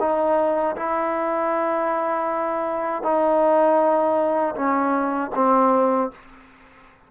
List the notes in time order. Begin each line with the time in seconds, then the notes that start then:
0.00 D#4
0.76 E4
3.03 D#4
4.55 C#4
5.35 C4